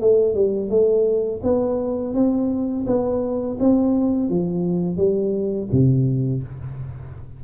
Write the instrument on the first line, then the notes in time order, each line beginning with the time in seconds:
tuba
0.00 A3
0.34 G3
0.69 A3
1.43 B3
2.14 C4
2.86 B3
3.59 C4
4.29 F3
4.97 G3
5.71 C3